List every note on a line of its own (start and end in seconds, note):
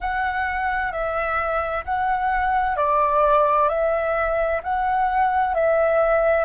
0.00 0.91 F#5
0.91 1.84 E5
1.84 2.76 F#5
2.76 3.68 D5
3.68 4.61 E5
4.63 5.54 F#5
5.54 6.44 E5